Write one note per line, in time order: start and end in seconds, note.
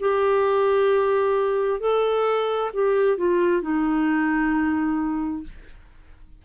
0.00 1.81 G4
1.81 2.71 A4
2.74 3.17 G4
3.17 3.62 F4
3.62 5.44 D#4